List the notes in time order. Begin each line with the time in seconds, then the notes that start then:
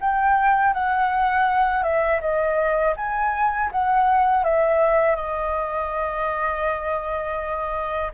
0.00 G5
0.73 F#5
1.83 E5
2.21 D#5
2.96 G#5
3.71 F#5
4.43 E5
5.15 D#5